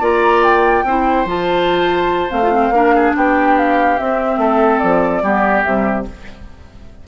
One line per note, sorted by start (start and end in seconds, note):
0.00 0.83 A#3
0.00 0.84 F4
0.00 0.83 D5
0.00 0.43 A#5
0.43 1.26 G5
0.83 1.25 C4
0.83 1.26 E4
0.83 2.74 C5
1.25 2.29 F3
1.25 2.29 F4
1.25 2.30 A5
2.29 2.70 A3
2.29 2.40 C4
2.29 3.13 F5
2.42 2.51 F4
2.51 2.72 C4
2.70 3.11 A#3
2.70 3.97 D4
2.70 2.95 A#4
2.95 3.16 G#4
3.16 3.99 B3
3.16 4.39 G4
3.16 3.57 G5
3.57 3.98 F5
3.97 5.22 C4
3.97 4.37 C4
3.97 4.78 E5
4.37 4.79 A3
4.37 5.23 A4
4.78 5.22 F3
4.78 5.62 D5
5.22 5.64 G3
5.22 5.64 B3
5.22 6.06 G4
5.63 6.07 C3
5.63 6.06 G3
5.63 6.04 E5